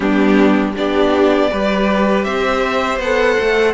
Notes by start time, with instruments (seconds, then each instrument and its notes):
0.00 cello G3, viola B3, violin D4 G4
0.76 cello B3, viola D4, violin G4 D5
1.50 cello G3, viola G4, violin B4
2.23 cello C4, violin C5 E5
2.99 cello B3, viola A4, violin F#5
3.40 cello A3